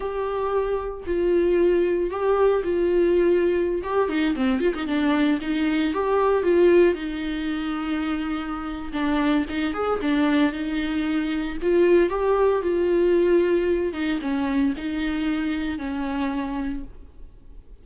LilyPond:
\new Staff \with { instrumentName = "viola" } { \time 4/4 \tempo 4 = 114 g'2 f'2 | g'4 f'2~ f'16 g'8 dis'16~ | dis'16 c'8 f'16 dis'16 d'4 dis'4 g'8.~ | g'16 f'4 dis'2~ dis'8.~ |
dis'4 d'4 dis'8 gis'8 d'4 | dis'2 f'4 g'4 | f'2~ f'8 dis'8 cis'4 | dis'2 cis'2 | }